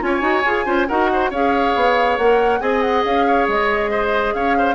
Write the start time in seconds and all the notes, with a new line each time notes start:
0.00 C#4 F4 C#5 G#5
0.20 D#4 F#4
0.45 F4 G#4
0.65 C#4 F4 C5
0.87 D#4 F#4 A#4 F#5
1.13 C5
1.30 C#4 G#4 C#5 F5
1.75 B3
2.17 A#3 A#4 F#5
2.60 C4 G#4 D#5 G#5
2.81 F#5
3.04 C#4 F5
3.26 C#5
3.47 G#3 D#5
3.90 C5
4.33 C#4 C#5 F5
4.57 C5